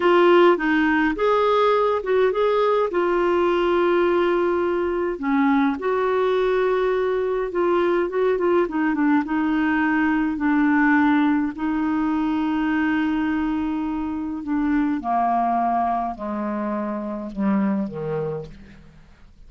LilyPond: \new Staff \with { instrumentName = "clarinet" } { \time 4/4 \tempo 4 = 104 f'4 dis'4 gis'4. fis'8 | gis'4 f'2.~ | f'4 cis'4 fis'2~ | fis'4 f'4 fis'8 f'8 dis'8 d'8 |
dis'2 d'2 | dis'1~ | dis'4 d'4 ais2 | gis2 g4 dis4 | }